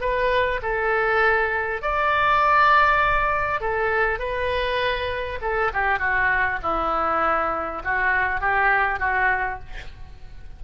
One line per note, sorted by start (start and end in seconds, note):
0.00 0.60 B4
0.62 1.82 A4
1.82 3.60 D5
3.60 4.19 A4
4.19 5.39 B4
5.41 5.71 A4
5.73 5.99 G4
5.99 6.59 F#4
6.62 7.82 E4
7.84 8.40 F#4
8.40 8.99 G4
8.99 9.59 F#4